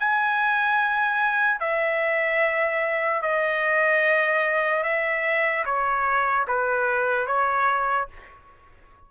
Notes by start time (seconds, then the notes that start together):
0.00 G#5
1.60 E5
3.22 D#5
4.84 E5
5.65 C#5
6.48 B4
7.27 C#5